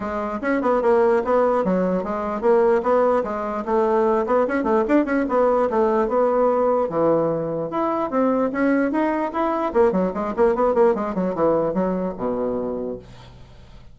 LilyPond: \new Staff \with { instrumentName = "bassoon" } { \time 4/4 \tempo 4 = 148 gis4 cis'8 b8 ais4 b4 | fis4 gis4 ais4 b4 | gis4 a4. b8 cis'8 a8 | d'8 cis'8 b4 a4 b4~ |
b4 e2 e'4 | c'4 cis'4 dis'4 e'4 | ais8 fis8 gis8 ais8 b8 ais8 gis8 fis8 | e4 fis4 b,2 | }